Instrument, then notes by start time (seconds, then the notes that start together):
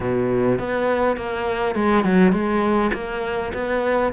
cello
0.00 B2
0.58 B3
1.17 A#3
1.75 G#3
2.04 F#3
2.32 G#3
2.93 A#3
3.53 B3